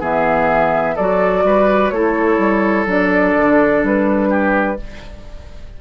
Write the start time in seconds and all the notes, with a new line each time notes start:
0.00 E3 B3 G#4 E5
0.95 F#3 F#4 A4 D5
1.44 G3 B4
1.90 A3 E4 A4 C#5
2.38 G3
2.86 F#3 D4 D5
3.37 D3
3.84 G3 B4
4.29 G4